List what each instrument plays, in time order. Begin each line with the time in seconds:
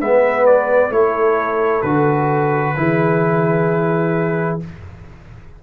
0.00 tuba G#3, trombone B3, horn B4, trumpet E5
0.46 trumpet D5
0.90 tuba A3, trombone E4, horn A4, trumpet C#5
1.82 tuba D3, trombone F#4, trumpet B4
2.76 tuba E3, trombone E4, horn G#4